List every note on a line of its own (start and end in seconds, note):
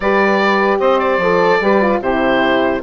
0.00 0.79 G3
0.00 1.22 G4
0.00 0.79 B4
0.00 0.78 D5
0.79 1.18 C4
0.79 1.59 C5
0.79 0.99 D#5
0.99 1.99 D5
1.18 1.58 F3
1.18 1.62 A4
1.61 2.00 G3
1.61 1.81 G4
1.61 2.01 B4
1.81 2.02 F4
2.00 2.81 C3
2.00 2.82 E4
2.00 2.81 G4
2.00 2.82 C5